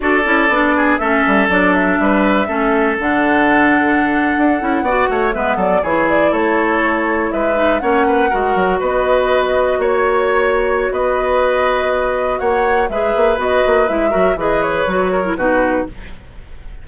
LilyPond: <<
  \new Staff \with { instrumentName = "flute" } { \time 4/4 \tempo 4 = 121 d''2 e''4 d''8 e''8~ | e''2 fis''2~ | fis''2~ fis''8. e''8 d''8 cis''16~ | cis''16 d''8 cis''2 e''4 fis''16~ |
fis''4.~ fis''16 dis''2 cis''16~ | cis''2 dis''2~ | dis''4 fis''4 e''4 dis''4 | e''4 dis''8 cis''4. b'4 | }
  \new Staff \with { instrumentName = "oboe" } { \time 4/4 a'4. gis'8 a'2 | b'4 a'2.~ | a'4.~ a'16 d''8 cis''8 b'8 a'8 gis'16~ | gis'8. a'2 b'4 cis''16~ |
cis''16 b'8 ais'4 b'2 cis''16~ | cis''2 b'2~ | b'4 cis''4 b'2~ | b'8 ais'8 b'4. ais'8 fis'4 | }
  \new Staff \with { instrumentName = "clarinet" } { \time 4/4 fis'8 e'8 d'4 cis'4 d'4~ | d'4 cis'4 d'2~ | d'4~ d'16 e'8 fis'4 b4 e'16~ | e'2.~ e'16 dis'8 cis'16~ |
cis'8. fis'2.~ fis'16~ | fis'1~ | fis'2 gis'4 fis'4 | e'8 fis'8 gis'4 fis'8. e'16 dis'4 | }
  \new Staff \with { instrumentName = "bassoon" } { \time 4/4 d'8 cis'8 b4 a8 g8 fis4 | g4 a4 d2~ | d8. d'8 cis'8 b8 a8 gis8 fis8 e16~ | e8. a2 gis4 ais16~ |
ais8. gis8 fis8 b2 ais16~ | ais2 b2~ | b4 ais4 gis8 ais8 b8 ais8 | gis8 fis8 e4 fis4 b,4 | }
>>